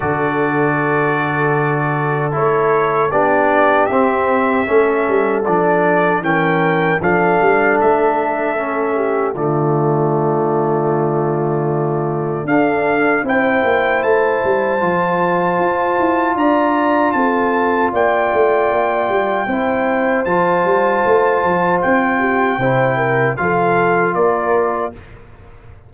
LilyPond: <<
  \new Staff \with { instrumentName = "trumpet" } { \time 4/4 \tempo 4 = 77 d''2. cis''4 | d''4 e''2 d''4 | g''4 f''4 e''2 | d''1 |
f''4 g''4 a''2~ | a''4 ais''4 a''4 g''4~ | g''2 a''2 | g''2 f''4 d''4 | }
  \new Staff \with { instrumentName = "horn" } { \time 4/4 a'1 | g'2 a'2 | ais'4 a'2~ a'8 g'8 | f'1 |
a'4 c''2.~ | c''4 d''4 a'4 d''4~ | d''4 c''2.~ | c''8 g'8 c''8 ais'8 a'4 ais'4 | }
  \new Staff \with { instrumentName = "trombone" } { \time 4/4 fis'2. e'4 | d'4 c'4 cis'4 d'4 | cis'4 d'2 cis'4 | a1 |
d'4 e'2 f'4~ | f'1~ | f'4 e'4 f'2~ | f'4 e'4 f'2 | }
  \new Staff \with { instrumentName = "tuba" } { \time 4/4 d2. a4 | b4 c'4 a8 g8 f4 | e4 f8 g8 a2 | d1 |
d'4 c'8 ais8 a8 g8 f4 | f'8 e'8 d'4 c'4 ais8 a8 | ais8 g8 c'4 f8 g8 a8 f8 | c'4 c4 f4 ais4 | }
>>